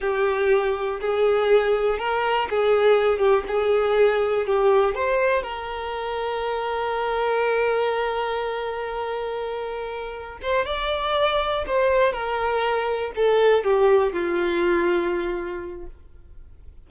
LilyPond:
\new Staff \with { instrumentName = "violin" } { \time 4/4 \tempo 4 = 121 g'2 gis'2 | ais'4 gis'4. g'8 gis'4~ | gis'4 g'4 c''4 ais'4~ | ais'1~ |
ais'1~ | ais'4 c''8 d''2 c''8~ | c''8 ais'2 a'4 g'8~ | g'8 f'2.~ f'8 | }